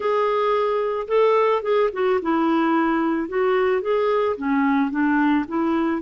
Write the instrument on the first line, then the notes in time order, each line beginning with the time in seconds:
clarinet
0.00 G#4
1.07 A4
1.62 G#4
1.92 F#4
2.21 E4
3.28 F#4
3.81 G#4
4.36 C#4
4.90 D4
5.48 E4